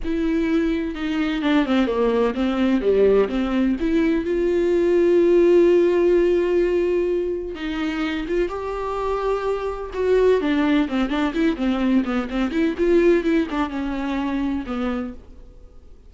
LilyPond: \new Staff \with { instrumentName = "viola" } { \time 4/4 \tempo 4 = 127 e'2 dis'4 d'8 c'8 | ais4 c'4 g4 c'4 | e'4 f'2.~ | f'1 |
dis'4. f'8 g'2~ | g'4 fis'4 d'4 c'8 d'8 | e'8 c'4 b8 c'8 e'8 f'4 | e'8 d'8 cis'2 b4 | }